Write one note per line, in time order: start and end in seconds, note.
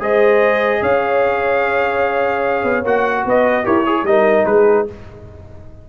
0.00 0.81 G#3
0.00 2.84 G#4
0.00 0.82 C5
0.00 0.83 D#5
0.82 2.64 C#4
0.82 3.25 C#5
0.82 2.85 F5
2.64 2.84 B3
2.84 3.25 A#3
2.84 3.64 F#4
2.84 3.27 F#5
3.25 3.66 B3
3.25 3.65 B4
3.25 3.66 D#5
3.64 4.03 E4
3.64 3.84 G4
3.64 3.85 A#4
3.64 4.06 C#5
3.86 4.07 G#4
4.03 4.44 G3
4.03 4.88 D#4
4.03 4.49 A#4
4.03 4.46 D#5
4.46 4.86 G#3
4.46 4.89 G#4
4.46 4.86 B4